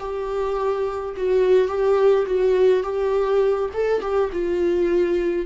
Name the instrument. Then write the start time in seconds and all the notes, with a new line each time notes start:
viola
0.00 G4
1.17 F#4
1.68 G4
2.27 F#4
2.83 G4
3.74 A4
4.02 G4
4.33 F4